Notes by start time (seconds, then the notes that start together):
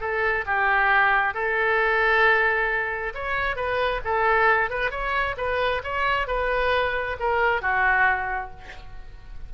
0.00 A4
0.46 G4
1.34 A4
3.14 C#5
3.56 B4
4.04 A4
4.70 B4
4.91 C#5
5.37 B4
5.83 C#5
6.27 B4
7.19 A#4
7.61 F#4